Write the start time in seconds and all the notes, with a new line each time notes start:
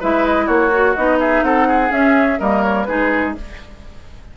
0.00 G#3 E4 B4 E5
0.26 D#5
0.46 A#3 F#4 C#5
0.71 F#4
0.95 B3 D#4 D#5
1.20 G#4 E5
1.43 C4 A4 F#5
1.68 G#4
1.90 C#4 E5
2.39 G3 A#3 A#4 D#5
2.63 C#5
2.83 G#3 D#4 G#4 B4